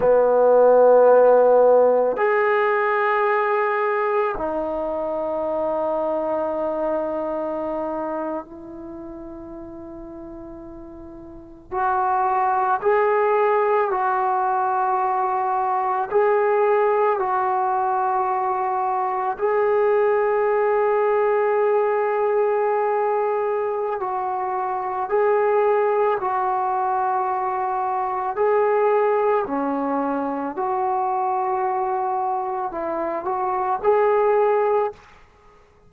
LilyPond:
\new Staff \with { instrumentName = "trombone" } { \time 4/4 \tempo 4 = 55 b2 gis'2 | dis'2.~ dis'8. e'16~ | e'2~ e'8. fis'4 gis'16~ | gis'8. fis'2 gis'4 fis'16~ |
fis'4.~ fis'16 gis'2~ gis'16~ | gis'2 fis'4 gis'4 | fis'2 gis'4 cis'4 | fis'2 e'8 fis'8 gis'4 | }